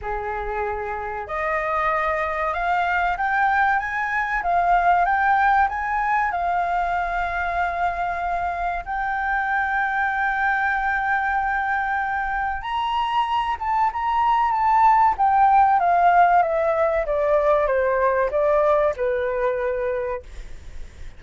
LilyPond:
\new Staff \with { instrumentName = "flute" } { \time 4/4 \tempo 4 = 95 gis'2 dis''2 | f''4 g''4 gis''4 f''4 | g''4 gis''4 f''2~ | f''2 g''2~ |
g''1 | ais''4. a''8 ais''4 a''4 | g''4 f''4 e''4 d''4 | c''4 d''4 b'2 | }